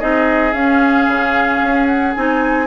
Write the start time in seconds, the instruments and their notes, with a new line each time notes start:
0.00 bassoon C4, clarinet D#4, oboe G#4, flute D#5
0.53 bassoon C#4, clarinet C#4, flute F5
1.08 bassoon C#3
1.62 bassoon C#4
1.87 flute F#5
2.15 bassoon C4, clarinet D#4, flute G#5